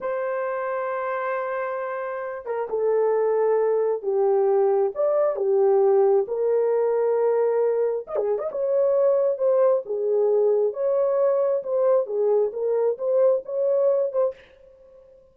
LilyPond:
\new Staff \with { instrumentName = "horn" } { \time 4/4 \tempo 4 = 134 c''1~ | c''4. ais'8 a'2~ | a'4 g'2 d''4 | g'2 ais'2~ |
ais'2 dis''16 gis'8 dis''16 cis''4~ | cis''4 c''4 gis'2 | cis''2 c''4 gis'4 | ais'4 c''4 cis''4. c''8 | }